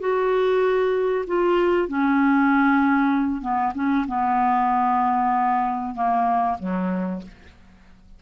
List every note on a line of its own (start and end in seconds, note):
0.00 1.25 F#4
1.27 1.88 F4
1.88 3.41 C#4
3.41 3.73 B3
3.75 4.06 C#4
4.07 5.94 B3
5.94 6.57 A#3
6.59 7.22 F#3